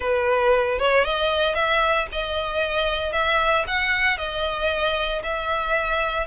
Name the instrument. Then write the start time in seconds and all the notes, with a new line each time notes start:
violin
0.00 B4
0.78 C#5
1.04 D#5
1.54 E5
2.11 D#5
3.12 E5
3.67 F#5
4.17 D#5
5.23 E5